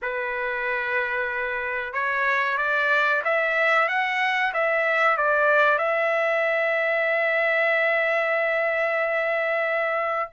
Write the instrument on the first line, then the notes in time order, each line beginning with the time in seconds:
trumpet
0.01 B4
1.93 C#5
2.57 D5
3.24 E5
3.88 F#5
4.53 E5
5.17 D5
5.78 E5